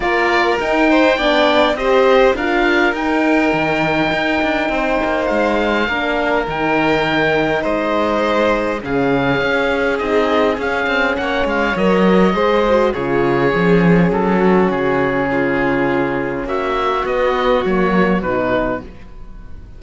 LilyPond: <<
  \new Staff \with { instrumentName = "oboe" } { \time 4/4 \tempo 4 = 102 d''4 g''2 dis''4 | f''4 g''2.~ | g''4 f''2 g''4~ | g''4 dis''2 f''4~ |
f''4 dis''4 f''4 fis''8 f''8 | dis''2 cis''2 | a'4 gis'2. | e''4 dis''4 cis''4 b'4 | }
  \new Staff \with { instrumentName = "violin" } { \time 4/4 ais'4. c''8 d''4 c''4 | ais'1 | c''2 ais'2~ | ais'4 c''2 gis'4~ |
gis'2. cis''4~ | cis''4 c''4 gis'2~ | gis'8 fis'4. f'2 | fis'1 | }
  \new Staff \with { instrumentName = "horn" } { \time 4/4 f'4 dis'4 d'4 g'4 | f'4 dis'2.~ | dis'2 d'4 dis'4~ | dis'2. cis'4~ |
cis'4 dis'4 cis'2 | ais'4 gis'8 fis'8 f'4 cis'4~ | cis'1~ | cis'4 b4 ais4 dis'4 | }
  \new Staff \with { instrumentName = "cello" } { \time 4/4 ais4 dis'4 b4 c'4 | d'4 dis'4 dis4 dis'8 d'8 | c'8 ais8 gis4 ais4 dis4~ | dis4 gis2 cis4 |
cis'4 c'4 cis'8 c'8 ais8 gis8 | fis4 gis4 cis4 f4 | fis4 cis2. | ais4 b4 fis4 b,4 | }
>>